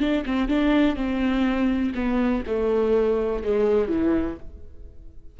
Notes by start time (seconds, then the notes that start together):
0.00 D4
0.26 C4
0.48 D4
0.96 C4
1.95 B3
2.47 A3
3.44 G#3
3.88 E3